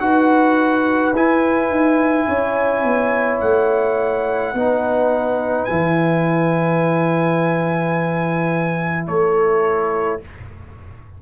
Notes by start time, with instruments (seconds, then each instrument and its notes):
0.00 tuba D#4, trombone F#4, horn B4, trumpet F#5
1.13 tuba E4, trombone E4, trumpet G#5
1.69 tuba D#4
2.27 tuba C#4, horn C#5
2.84 tuba B3
3.40 tuba A3, trumpet F#5
4.53 tuba B3, trombone D#4, horn B4
5.65 tuba E3, trombone E4, trumpet G#5
9.07 tuba A3, horn A4, trumpet C#5